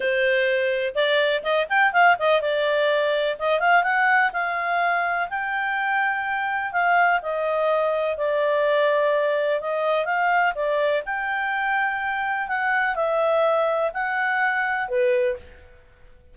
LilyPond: \new Staff \with { instrumentName = "clarinet" } { \time 4/4 \tempo 4 = 125 c''2 d''4 dis''8 g''8 | f''8 dis''8 d''2 dis''8 f''8 | fis''4 f''2 g''4~ | g''2 f''4 dis''4~ |
dis''4 d''2. | dis''4 f''4 d''4 g''4~ | g''2 fis''4 e''4~ | e''4 fis''2 b'4 | }